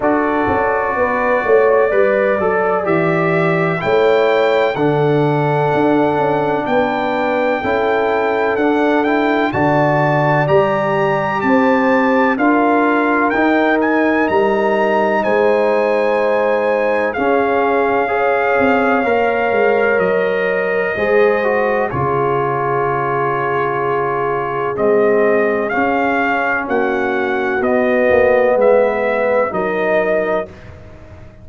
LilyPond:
<<
  \new Staff \with { instrumentName = "trumpet" } { \time 4/4 \tempo 4 = 63 d''2. e''4 | g''4 fis''2 g''4~ | g''4 fis''8 g''8 a''4 ais''4 | a''4 f''4 g''8 gis''8 ais''4 |
gis''2 f''2~ | f''4 dis''2 cis''4~ | cis''2 dis''4 f''4 | fis''4 dis''4 e''4 dis''4 | }
  \new Staff \with { instrumentName = "horn" } { \time 4/4 a'4 b'8 cis''8 d''2 | cis''4 a'2 b'4 | a'2 d''2 | c''4 ais'2. |
c''2 gis'4 cis''4~ | cis''2 c''4 gis'4~ | gis'1 | fis'2 b'4 ais'4 | }
  \new Staff \with { instrumentName = "trombone" } { \time 4/4 fis'2 b'8 a'8 g'4 | e'4 d'2. | e'4 d'8 e'8 fis'4 g'4~ | g'4 f'4 dis'2~ |
dis'2 cis'4 gis'4 | ais'2 gis'8 fis'8 f'4~ | f'2 c'4 cis'4~ | cis'4 b2 dis'4 | }
  \new Staff \with { instrumentName = "tuba" } { \time 4/4 d'8 cis'8 b8 a8 g8 fis8 e4 | a4 d4 d'8 cis'8 b4 | cis'4 d'4 d4 g4 | c'4 d'4 dis'4 g4 |
gis2 cis'4. c'8 | ais8 gis8 fis4 gis4 cis4~ | cis2 gis4 cis'4 | ais4 b8 ais8 gis4 fis4 | }
>>